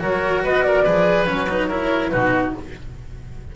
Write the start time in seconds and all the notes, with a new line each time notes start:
0.00 F#3 F#4 A#4 C#5
0.44 B3 B4 D#5
0.63 A#4 D5
0.84 F3 G#4 B4
1.27 F#3 C#4 C#5
1.49 D#4 B4
1.69 E4 A#4 C#5
2.09 B2 D#4 F#4 B4